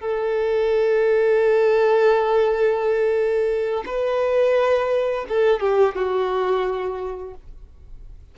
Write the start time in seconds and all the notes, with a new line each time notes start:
0.00 A4
3.85 B4
5.28 A4
5.60 G4
5.95 F#4